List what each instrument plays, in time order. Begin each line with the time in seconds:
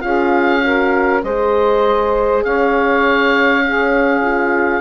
0.00 bassoon C#4, horn F4, saxophone G#4, oboe F5
0.62 horn F#4, saxophone A#4
1.23 bassoon G#3, horn G#4, saxophone C5, oboe D#5
2.44 bassoon C#4, saxophone C#5, oboe F5
3.64 horn C#4, saxophone G#4
4.21 horn F4